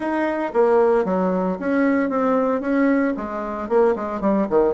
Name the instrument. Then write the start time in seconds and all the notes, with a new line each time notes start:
bassoon
0.00 D#4
0.53 A#3
1.05 F#3
1.59 C#4
2.09 C4
2.61 C#4
3.17 G#3
3.68 A#3
3.95 G#3
4.20 G3
4.49 D#3